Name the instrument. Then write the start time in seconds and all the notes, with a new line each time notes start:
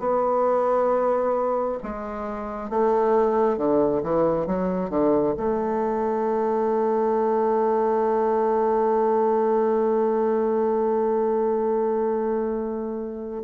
bassoon
0.00 B3
1.83 G#3
2.70 A3
3.58 D3
4.04 E3
4.47 F#3
4.91 D3
5.37 A3